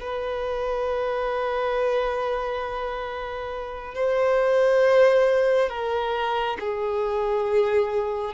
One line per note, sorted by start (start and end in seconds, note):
0.00 3.94 B4
3.94 5.69 C5
5.69 6.57 A#4
6.59 8.34 G#4